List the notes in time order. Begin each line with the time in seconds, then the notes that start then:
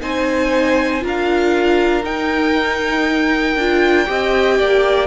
0.00 C4 D#4 C5 G#5
1.00 D4 F4 A#4
1.07 F5
2.04 D#4 G5
3.56 D4 F4
4.06 C4 G4 D#5
4.58 A#3 D5